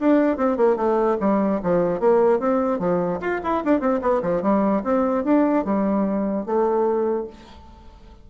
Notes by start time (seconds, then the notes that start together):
0.00 D4
0.37 C4
0.57 A#3
0.77 A3
1.21 G3
1.63 F3
2.00 A#3
2.40 C4
2.79 F3
3.21 F4
3.44 E4
3.65 D4
3.80 C4
4.02 B3
4.23 F3
4.42 G3
4.84 C4
5.24 D4
5.65 G3
6.46 A3